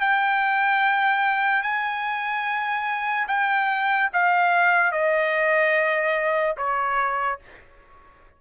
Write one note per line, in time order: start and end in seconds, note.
0.00 1.62 G5
1.62 3.27 G#5
3.28 4.10 G5
4.13 4.92 F5
4.92 6.56 D#5
6.57 7.39 C#5